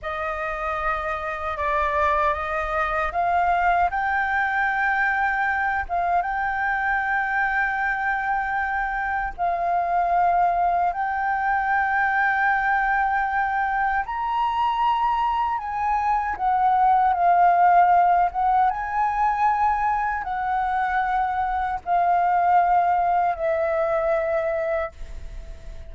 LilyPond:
\new Staff \with { instrumentName = "flute" } { \time 4/4 \tempo 4 = 77 dis''2 d''4 dis''4 | f''4 g''2~ g''8 f''8 | g''1 | f''2 g''2~ |
g''2 ais''2 | gis''4 fis''4 f''4. fis''8 | gis''2 fis''2 | f''2 e''2 | }